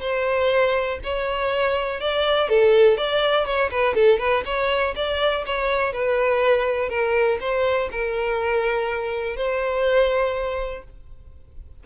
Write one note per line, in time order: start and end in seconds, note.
0.00 0.98 C5
1.03 2.00 C#5
2.00 2.49 D5
2.49 2.97 A4
2.97 3.45 D5
3.45 3.70 C#5
3.70 3.94 B4
3.94 4.18 A4
4.18 4.43 B4
4.45 4.94 C#5
4.95 5.44 D5
5.45 5.92 C#5
5.92 6.89 B4
6.89 7.38 A#4
7.40 7.89 C5
7.91 9.36 A#4
9.36 10.83 C5